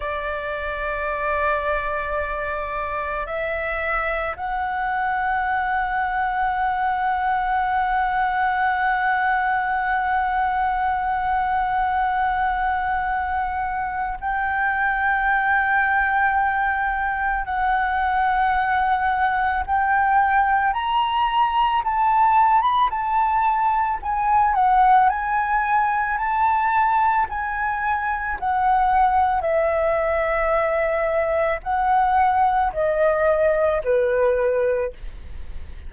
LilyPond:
\new Staff \with { instrumentName = "flute" } { \time 4/4 \tempo 4 = 55 d''2. e''4 | fis''1~ | fis''1~ | fis''4 g''2. |
fis''2 g''4 ais''4 | a''8. b''16 a''4 gis''8 fis''8 gis''4 | a''4 gis''4 fis''4 e''4~ | e''4 fis''4 dis''4 b'4 | }